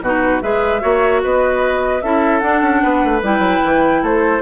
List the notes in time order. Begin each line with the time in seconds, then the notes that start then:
0.00 B2 D#4 F#4 B4
0.42 G#3 G#4 B4 E5
0.80 A#3 F#4 C#5
1.23 B3 B4 D#5
2.01 C#4 E4 A4 E5
2.39 D4 F#5
2.61 C#4
2.82 B3 B4
3.04 A3
3.22 G3 E4 G5
3.39 F#3
3.64 E3
4.02 A3 A4 C5